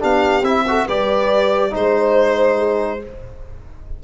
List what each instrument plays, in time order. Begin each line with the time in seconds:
0.00 tuba B3, trombone D4, horn G4, violin F5
0.43 tuba C4, trombone E4, violin E5
0.68 trombone F#4, horn A4
0.86 tuba G3, trombone G4, horn B4, violin D5
1.71 tuba G#3, trombone D#4, horn C5, violin C5
2.58 horn G#4